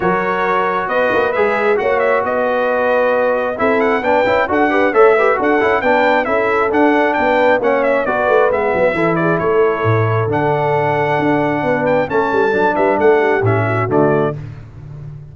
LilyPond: <<
  \new Staff \with { instrumentName = "trumpet" } { \time 4/4 \tempo 4 = 134 cis''2 dis''4 e''4 | fis''8 e''8 dis''2. | e''8 fis''8 g''4 fis''4 e''4 | fis''4 g''4 e''4 fis''4 |
g''4 fis''8 e''8 d''4 e''4~ | e''8 d''8 cis''2 fis''4~ | fis''2~ fis''8 g''8 a''4~ | a''8 e''8 fis''4 e''4 d''4 | }
  \new Staff \with { instrumentName = "horn" } { \time 4/4 ais'2 b'2 | cis''4 b'2. | a'4 b'4 a'8 b'8 cis''8 b'8 | a'4 b'4 a'2 |
b'4 cis''4 b'2 | a'8 gis'8 a'2.~ | a'2 b'4 a'4~ | a'8 b'8 a'8 g'4 fis'4. | }
  \new Staff \with { instrumentName = "trombone" } { \time 4/4 fis'2. gis'4 | fis'1 | e'4 d'8 e'8 fis'8 g'8 a'8 g'8 | fis'8 e'8 d'4 e'4 d'4~ |
d'4 cis'4 fis'4 b4 | e'2. d'4~ | d'2. cis'4 | d'2 cis'4 a4 | }
  \new Staff \with { instrumentName = "tuba" } { \time 4/4 fis2 b8 ais8 gis4 | ais4 b2. | c'4 b8 cis'8 d'4 a4 | d'8 cis'8 b4 cis'4 d'4 |
b4 ais4 b8 a8 gis8 fis8 | e4 a4 a,4 d4~ | d4 d'4 b4 a8 g8 | fis8 g8 a4 a,4 d4 | }
>>